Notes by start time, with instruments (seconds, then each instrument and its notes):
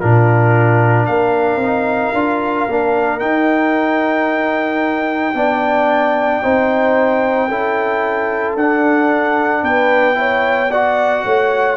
0.00 tuba A#2, trombone D4, horn F4, trumpet A#4
1.06 tuba A#3, horn A#4, trumpet F5
1.56 tuba C4
1.62 trombone D#4
2.13 tuba D4, trombone F4
2.68 tuba A#3, trombone D4
3.19 trombone D#4, tuba D#4, trumpet G5
5.34 tuba B3, trombone D4, horn D5
6.42 tuba C4, trombone D#4, horn C5
7.48 tuba C#4, trombone E4, horn A4
8.56 tuba D4, trombone D4, trumpet F#5
9.62 tuba B3, horn B4, trumpet G5
10.15 trombone E4, horn C#5
10.71 trombone F#4, horn D5, trumpet F#5
11.25 tuba A3, horn C#5